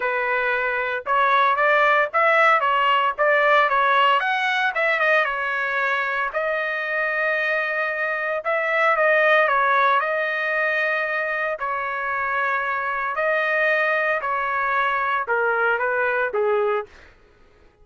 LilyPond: \new Staff \with { instrumentName = "trumpet" } { \time 4/4 \tempo 4 = 114 b'2 cis''4 d''4 | e''4 cis''4 d''4 cis''4 | fis''4 e''8 dis''8 cis''2 | dis''1 |
e''4 dis''4 cis''4 dis''4~ | dis''2 cis''2~ | cis''4 dis''2 cis''4~ | cis''4 ais'4 b'4 gis'4 | }